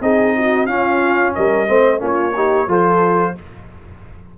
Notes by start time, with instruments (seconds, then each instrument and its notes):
0.00 tuba C4, trombone D#4, horn G#4, trumpet D#5
0.37 horn F#4
0.66 tuba C#4, trombone C#4, horn F4, trumpet F5
1.34 tuba G3, horn A#4, trumpet D#5
1.66 tuba A3, trombone C4, horn C5
1.98 tuba A#3, trombone C#4, horn F4
2.05 trumpet C#5
2.35 trombone D#4, horn G4
2.67 tuba F3, trombone F4, horn A4, trumpet C5